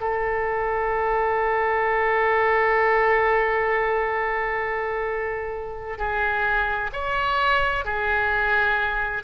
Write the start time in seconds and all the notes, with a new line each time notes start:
0.00 A4
5.97 G#4
6.92 C#5
7.85 G#4